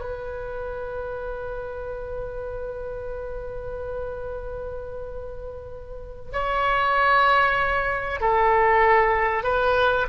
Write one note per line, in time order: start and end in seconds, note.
0.00 6.32 B4
6.32 8.20 C#5
8.20 9.43 A4
9.43 10.06 B4